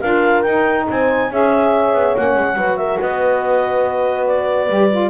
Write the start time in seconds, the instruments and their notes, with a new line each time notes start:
0.00 double bass D4, saxophone F4, horn A#4, clarinet F5
0.42 double bass D#4, saxophone D#4, clarinet G5
0.89 double bass C4, horn C5, clarinet G#5
1.30 double bass C#4, saxophone G#4, horn C#5, clarinet E5
1.94 double bass B3
2.15 double bass A#3, saxophone C#4, clarinet F#5
2.34 double bass G#3
2.55 double bass F#3, saxophone F#4, horn B4
2.77 horn A#4, clarinet E5
2.99 double bass B3, horn B4, clarinet D#5
4.26 clarinet D5
4.68 double bass G3, saxophone G4
4.90 saxophone F4